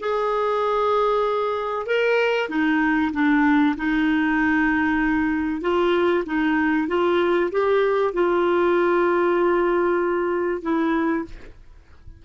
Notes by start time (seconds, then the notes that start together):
0.00 G#4
1.86 A#4
2.49 D#4
3.13 D4
3.77 D#4
5.61 F4
6.26 D#4
6.88 F4
7.51 G4
8.13 F4
10.62 E4